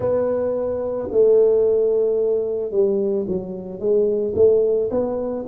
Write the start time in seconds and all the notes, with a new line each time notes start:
0.00 B3
1.11 A3
2.71 G3
3.27 F#3
3.79 G#3
4.35 A3
4.90 B3